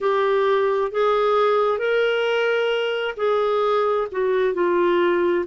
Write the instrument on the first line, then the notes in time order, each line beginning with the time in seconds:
clarinet
0.00 G4
0.91 G#4
1.78 A#4
3.17 G#4
4.12 F#4
4.54 F4